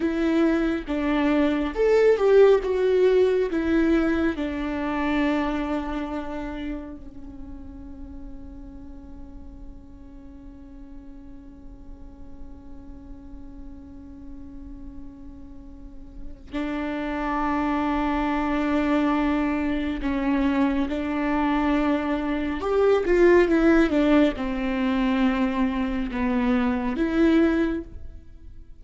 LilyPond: \new Staff \with { instrumentName = "viola" } { \time 4/4 \tempo 4 = 69 e'4 d'4 a'8 g'8 fis'4 | e'4 d'2. | cis'1~ | cis'1~ |
cis'2. d'4~ | d'2. cis'4 | d'2 g'8 f'8 e'8 d'8 | c'2 b4 e'4 | }